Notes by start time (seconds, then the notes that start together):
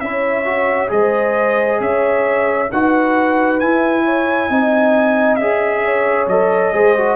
0.00 C#4 E4 C#5 E5
0.46 F#4
0.88 G#3 G#4 C5 D#5
1.80 C#4 C#5 E5
2.72 D#4 F#4 B4 F#5
3.60 E4 G#5
4.05 C#5
4.50 C4 D#4 D#5
5.36 C#4 G#4 E5
5.85 C#5
6.27 F#3 A4 D#5
6.73 G#3 G#4 C5
6.97 F#4